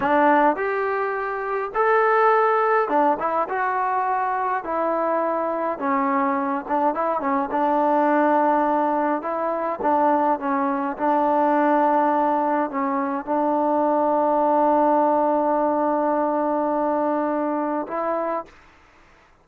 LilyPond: \new Staff \with { instrumentName = "trombone" } { \time 4/4 \tempo 4 = 104 d'4 g'2 a'4~ | a'4 d'8 e'8 fis'2 | e'2 cis'4. d'8 | e'8 cis'8 d'2. |
e'4 d'4 cis'4 d'4~ | d'2 cis'4 d'4~ | d'1~ | d'2. e'4 | }